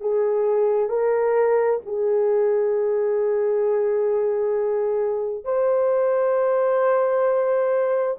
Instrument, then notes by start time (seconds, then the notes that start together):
horn
0.00 G#4
0.89 A#4
1.85 G#4
5.44 C5